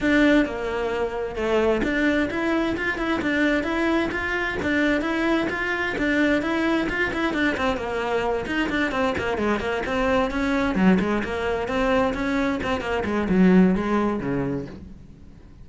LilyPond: \new Staff \with { instrumentName = "cello" } { \time 4/4 \tempo 4 = 131 d'4 ais2 a4 | d'4 e'4 f'8 e'8 d'4 | e'4 f'4 d'4 e'4 | f'4 d'4 e'4 f'8 e'8 |
d'8 c'8 ais4. dis'8 d'8 c'8 | ais8 gis8 ais8 c'4 cis'4 fis8 | gis8 ais4 c'4 cis'4 c'8 | ais8 gis8 fis4 gis4 cis4 | }